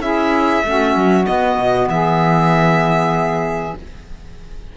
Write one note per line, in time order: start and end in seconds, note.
0.00 0.62 C#4
0.00 0.63 E4
0.00 0.64 G#4
0.00 1.25 E5
0.64 0.95 A3
0.64 1.25 C#4
0.64 1.91 F#4
0.95 1.26 F#3
1.25 3.72 B3
1.25 1.57 B3
1.25 1.88 D#5
1.57 1.88 B2
1.88 3.73 E3
1.88 3.77 G#4
1.88 3.75 E5